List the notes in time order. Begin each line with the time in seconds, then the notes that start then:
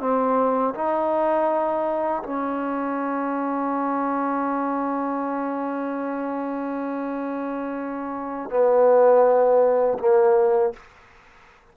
0.00 C4
0.74 D#4
2.23 C#4
8.50 B3
9.99 A#3